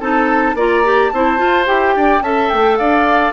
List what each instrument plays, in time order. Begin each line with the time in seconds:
0.00 bassoon C4, clarinet D#4, oboe A4, flute A5
0.55 bassoon A#3, clarinet F4, oboe D5, flute A#5
0.85 clarinet G4
1.09 bassoon C4, clarinet E4, oboe C5, flute A5
1.38 clarinet F4, bassoon F4
1.66 bassoon E4, clarinet G4, flute G5
1.96 bassoon D4, oboe D5
2.21 bassoon C#4, clarinet A4, oboe E5, flute A5
2.49 bassoon A3, flute G5
2.77 bassoon D4, oboe D5, flute F5